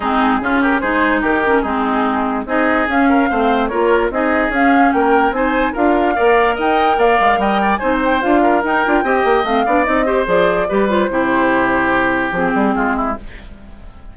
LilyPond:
<<
  \new Staff \with { instrumentName = "flute" } { \time 4/4 \tempo 4 = 146 gis'4. ais'8 c''4 ais'4 | gis'2 dis''4 f''4~ | f''4 cis''4 dis''4 f''4 | g''4 gis''4 f''2 |
g''4 f''4 g''4 gis''8 g''8 | f''4 g''2 f''4 | dis''4 d''4. c''4.~ | c''2 gis'2 | }
  \new Staff \with { instrumentName = "oboe" } { \time 4/4 dis'4 f'8 g'8 gis'4 g'4 | dis'2 gis'4. ais'8 | c''4 ais'4 gis'2 | ais'4 c''4 ais'4 d''4 |
dis''4 d''4 dis''8 d''8 c''4~ | c''8 ais'4. dis''4. d''8~ | d''8 c''4. b'4 g'4~ | g'2. f'8 e'8 | }
  \new Staff \with { instrumentName = "clarinet" } { \time 4/4 c'4 cis'4 dis'4. cis'8 | c'2 dis'4 cis'4 | c'4 f'4 dis'4 cis'4~ | cis'4 dis'4 f'4 ais'4~ |
ais'2. dis'4 | f'4 dis'8 f'8 g'4 c'8 d'8 | dis'8 g'8 gis'4 g'8 f'8 e'4~ | e'2 c'2 | }
  \new Staff \with { instrumentName = "bassoon" } { \time 4/4 gis4 cis4 gis4 dis4 | gis2 c'4 cis'4 | a4 ais4 c'4 cis'4 | ais4 c'4 d'4 ais4 |
dis'4 ais8 gis8 g4 c'4 | d'4 dis'8 d'8 c'8 ais8 a8 b8 | c'4 f4 g4 c4~ | c2 f8 g8 gis4 | }
>>